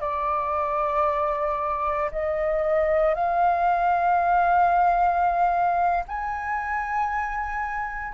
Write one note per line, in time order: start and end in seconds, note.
0.00 2.11 D5
2.11 3.14 D#5
3.14 6.04 F5
6.08 8.14 G#5